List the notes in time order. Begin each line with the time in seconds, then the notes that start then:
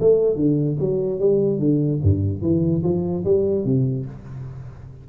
0.00 A3
0.36 D3
0.79 F#3
1.19 G3
1.59 D3
2.02 G2
2.42 E3
2.83 F3
3.24 G3
3.64 C3